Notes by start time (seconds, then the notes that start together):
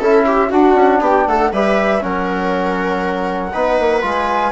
0.00 C#4 E4 A4 E5
0.26 G4
0.49 D4 F#4 F#5
0.75 C#4
1.01 B3 G4 G5
1.27 A3 A4 F#5
1.52 G3 G4 B4 E5
2.01 F#3 C#4 A#4 F#5
3.53 B3 D#4 B4
3.80 A#3
4.02 G#3 F4 G#5